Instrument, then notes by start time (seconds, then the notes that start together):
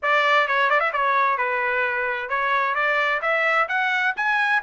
trumpet
0.02 D5
0.47 C#5
0.69 D5
0.80 E5
0.92 C#5
1.37 B4
2.29 C#5
2.74 D5
3.21 E5
3.68 F#5
4.16 G#5